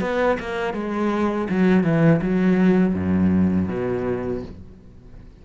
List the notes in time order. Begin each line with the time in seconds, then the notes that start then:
0.00 B3
0.39 A#3
0.73 G#3
1.49 F#3
1.83 E3
2.22 F#3
2.94 F#2
3.68 B2